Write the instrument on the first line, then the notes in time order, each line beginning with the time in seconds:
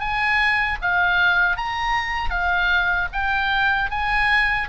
oboe
0.00 G#5
0.81 F5
1.57 A#5
2.30 F5
3.12 G5
3.90 G#5